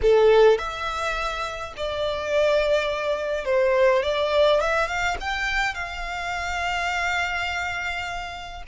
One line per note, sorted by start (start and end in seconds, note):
0.02 0.58 A4
0.58 1.73 E5
1.76 3.45 D5
3.45 4.02 C5
4.03 4.60 D5
4.60 4.87 E5
4.87 5.16 F5
5.20 5.74 G5
5.74 8.62 F5